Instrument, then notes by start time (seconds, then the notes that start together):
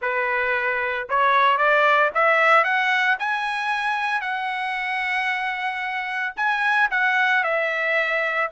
trumpet
0.01 B4
1.09 C#5
1.57 D5
2.14 E5
2.64 F#5
3.19 G#5
4.21 F#5
6.36 G#5
6.90 F#5
7.43 E5